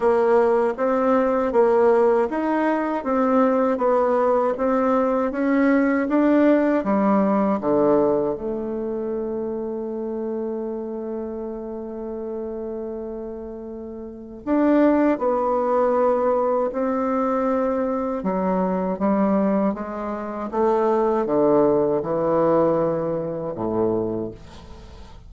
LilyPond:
\new Staff \with { instrumentName = "bassoon" } { \time 4/4 \tempo 4 = 79 ais4 c'4 ais4 dis'4 | c'4 b4 c'4 cis'4 | d'4 g4 d4 a4~ | a1~ |
a2. d'4 | b2 c'2 | fis4 g4 gis4 a4 | d4 e2 a,4 | }